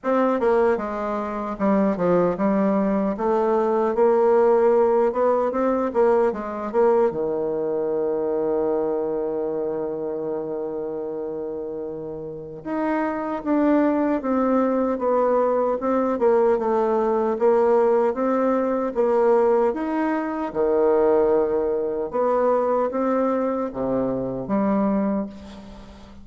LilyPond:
\new Staff \with { instrumentName = "bassoon" } { \time 4/4 \tempo 4 = 76 c'8 ais8 gis4 g8 f8 g4 | a4 ais4. b8 c'8 ais8 | gis8 ais8 dis2.~ | dis1 |
dis'4 d'4 c'4 b4 | c'8 ais8 a4 ais4 c'4 | ais4 dis'4 dis2 | b4 c'4 c4 g4 | }